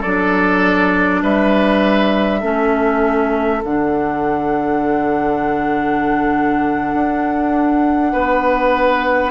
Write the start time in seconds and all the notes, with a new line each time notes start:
0.00 F#3 D4 A4 D5
1.22 G3 B4 E5
2.40 A3 C#4 A4
3.63 D3 D4 F#5
6.93 D4
8.12 B3 B4